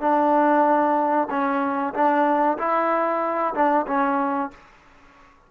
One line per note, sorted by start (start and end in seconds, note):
0.00 1.28 D4
1.29 1.93 C#4
1.94 2.57 D4
2.58 3.53 E4
3.54 3.86 D4
3.86 4.50 C#4